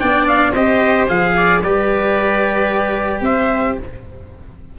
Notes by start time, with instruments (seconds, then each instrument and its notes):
0.00 tuba B3, cello D4, viola D5, trumpet G5
0.28 trumpet F5
0.51 tuba C4, cello G4, viola C5, trumpet D#5
1.08 tuba F3, cello G#4, trumpet F5
1.36 viola D5
1.63 tuba G3, cello G4, viola B4, trumpet D5
3.21 tuba C4, viola C5, trumpet E5